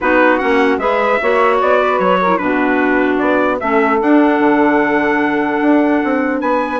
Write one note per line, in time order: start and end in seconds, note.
0.01 0.41 B3
0.01 0.39 D#4
0.01 0.80 F#4
0.01 0.38 B4
0.38 0.77 A#3
0.38 0.79 C#4
0.38 0.78 F#5
0.77 1.17 G#3
0.77 1.19 G#4
0.77 1.20 B4
0.77 1.59 E5
1.20 1.61 A#3
1.20 2.26 F#4
1.20 1.79 C#5
1.61 1.99 B3
1.61 1.99 D5
1.79 2.19 B4
1.99 2.39 F#3
1.99 2.37 C#5
2.20 2.40 A#4
2.26 2.36 E4
2.37 3.20 B2
2.37 3.58 D4
2.37 3.60 F#4
2.37 3.17 B4
3.18 3.60 B3
3.18 3.58 D5
3.60 4.01 A3
3.60 4.00 C#4
3.60 6.40 A4
3.60 4.00 E5
4.00 6.80 D4
4.00 4.39 D4
4.00 6.40 F#5
4.39 5.59 D3
5.62 6.02 D4
6.04 6.42 C4
6.40 6.80 B3
6.40 6.80 B4
6.40 6.80 G#5